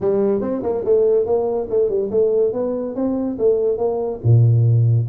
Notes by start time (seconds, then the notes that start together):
0.01 G3
0.41 C4
0.62 A#3
0.84 A3
1.25 A#3
1.69 A3
1.89 G3
2.10 A3
2.52 B3
2.95 C4
3.38 A3
3.77 A#3
4.23 A#2